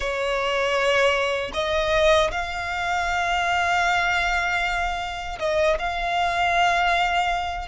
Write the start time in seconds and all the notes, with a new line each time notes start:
0.00 C#5
1.53 D#5
2.31 F5
5.39 D#5
5.78 F5